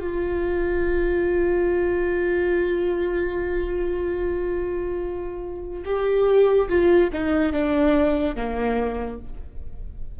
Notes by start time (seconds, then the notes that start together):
0.00 F4
5.85 G4
6.69 F4
7.13 D#4
7.52 D4
8.36 A#3